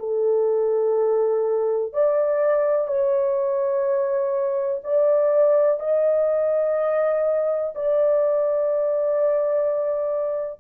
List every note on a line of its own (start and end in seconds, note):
0.00 1.94 A4
1.94 2.88 D5
2.88 4.81 C#5
4.84 5.80 D5
5.80 7.74 D#5
7.75 10.61 D5